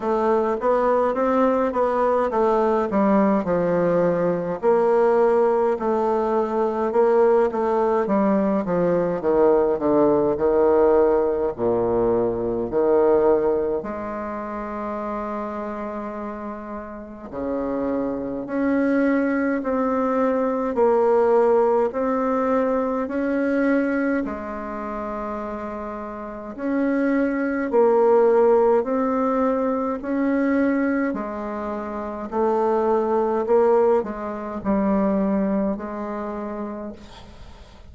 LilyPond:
\new Staff \with { instrumentName = "bassoon" } { \time 4/4 \tempo 4 = 52 a8 b8 c'8 b8 a8 g8 f4 | ais4 a4 ais8 a8 g8 f8 | dis8 d8 dis4 ais,4 dis4 | gis2. cis4 |
cis'4 c'4 ais4 c'4 | cis'4 gis2 cis'4 | ais4 c'4 cis'4 gis4 | a4 ais8 gis8 g4 gis4 | }